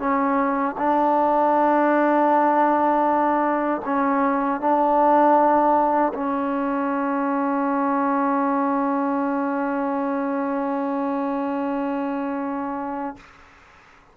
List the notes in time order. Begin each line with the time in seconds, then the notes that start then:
0.00 C#4
0.78 D4
3.85 C#4
4.61 D4
6.14 C#4